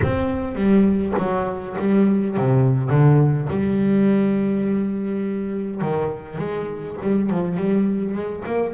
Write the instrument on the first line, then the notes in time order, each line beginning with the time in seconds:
double bass
0.02 C4
0.55 G3
1.18 F#3
1.78 G3
2.36 C3
2.89 D3
3.50 G3
5.81 D#3
6.38 G#3
7.02 G3
7.30 F3
7.56 G3
8.14 G#3
8.45 A#3